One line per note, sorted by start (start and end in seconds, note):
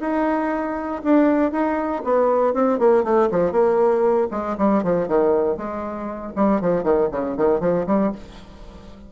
0.00 1.02 D#4
1.04 1.52 D4
1.52 2.02 D#4
2.04 2.54 B3
2.54 2.79 C4
2.79 3.03 A#3
3.03 3.29 A3
3.31 3.51 F3
3.51 4.28 A#3
4.31 4.56 G#3
4.57 4.83 G3
4.83 5.08 F3
5.08 5.57 D#3
5.57 6.33 G#3
6.35 6.61 G3
6.61 6.83 F3
6.83 7.09 D#3
7.11 7.37 C#3
7.37 7.60 D#3
7.60 7.85 F3
7.86 8.12 G3